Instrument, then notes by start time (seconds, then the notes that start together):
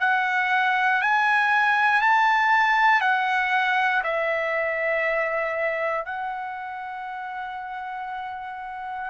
trumpet
0.00 F#5
1.01 G#5
2.02 A5
3.00 F#5
4.04 E5
6.05 F#5